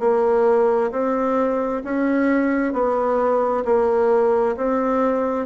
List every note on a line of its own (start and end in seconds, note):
0.00 0.91 A#3
0.91 1.82 C4
1.84 2.73 C#4
2.73 3.64 B3
3.65 4.56 A#3
4.57 5.46 C4